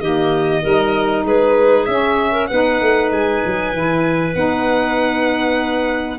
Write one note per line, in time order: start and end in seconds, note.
0.00 0.62 D#3
0.00 0.62 A#3
0.00 0.61 G4
0.00 1.24 D#5
0.61 1.24 G3
0.61 1.87 D#4
0.61 1.23 A#4
1.24 1.86 G#3
1.24 2.31 G#4
1.24 1.85 B4
1.85 2.49 C#4
1.85 2.47 E5
2.31 2.47 A#4
2.47 2.81 B3
2.47 3.74 D#4
2.47 6.18 B4
2.47 3.09 F#5
2.81 3.11 A3
3.11 3.42 G#3
3.11 4.35 G#5
3.45 3.73 F#3
3.73 4.35 E3
3.73 4.34 E4
4.34 6.18 B3
4.34 6.18 D#4
4.34 6.18 F#5